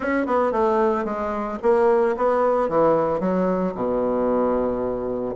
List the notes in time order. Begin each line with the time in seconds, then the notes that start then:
0.00 C#4
0.26 B3
0.52 A3
1.04 G#3
1.62 A#3
2.16 B3
2.68 E3
3.20 F#3
3.75 B2